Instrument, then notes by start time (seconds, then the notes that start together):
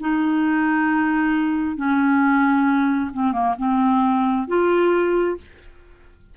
clarinet
0.00 D#4
1.77 C#4
3.13 C4
3.33 A#3
3.58 C4
4.48 F4